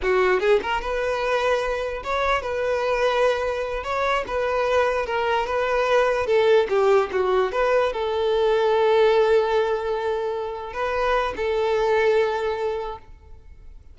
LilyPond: \new Staff \with { instrumentName = "violin" } { \time 4/4 \tempo 4 = 148 fis'4 gis'8 ais'8 b'2~ | b'4 cis''4 b'2~ | b'4. cis''4 b'4.~ | b'8 ais'4 b'2 a'8~ |
a'8 g'4 fis'4 b'4 a'8~ | a'1~ | a'2~ a'8 b'4. | a'1 | }